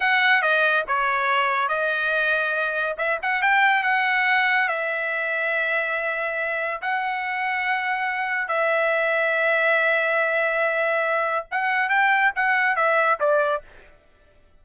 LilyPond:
\new Staff \with { instrumentName = "trumpet" } { \time 4/4 \tempo 4 = 141 fis''4 dis''4 cis''2 | dis''2. e''8 fis''8 | g''4 fis''2 e''4~ | e''1 |
fis''1 | e''1~ | e''2. fis''4 | g''4 fis''4 e''4 d''4 | }